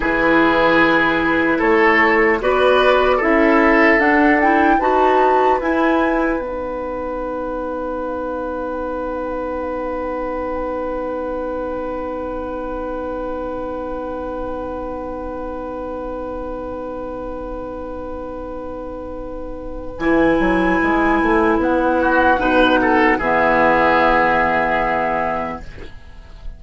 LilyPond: <<
  \new Staff \with { instrumentName = "flute" } { \time 4/4 \tempo 4 = 75 b'2 cis''4 d''4 | e''4 fis''8 g''8 a''4 gis''4 | fis''1~ | fis''1~ |
fis''1~ | fis''1~ | fis''4 gis''2 fis''4~ | fis''4 e''2. | }
  \new Staff \with { instrumentName = "oboe" } { \time 4/4 gis'2 a'4 b'4 | a'2 b'2~ | b'1~ | b'1~ |
b'1~ | b'1~ | b'2.~ b'8 fis'8 | b'8 a'8 gis'2. | }
  \new Staff \with { instrumentName = "clarinet" } { \time 4/4 e'2. fis'4 | e'4 d'8 e'8 fis'4 e'4 | dis'1~ | dis'1~ |
dis'1~ | dis'1~ | dis'4 e'2. | dis'4 b2. | }
  \new Staff \with { instrumentName = "bassoon" } { \time 4/4 e2 a4 b4 | cis'4 d'4 dis'4 e'4 | b1~ | b1~ |
b1~ | b1~ | b4 e8 fis8 gis8 a8 b4 | b,4 e2. | }
>>